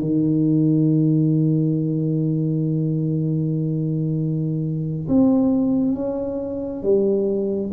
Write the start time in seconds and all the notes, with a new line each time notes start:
0.00 D#3
5.08 C4
5.95 C#4
6.83 G3